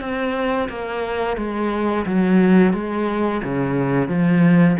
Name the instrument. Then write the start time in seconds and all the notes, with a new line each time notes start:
cello
0.00 C4
0.68 A#3
1.37 G#3
2.05 F#3
2.73 G#3
3.43 C#3
4.08 F3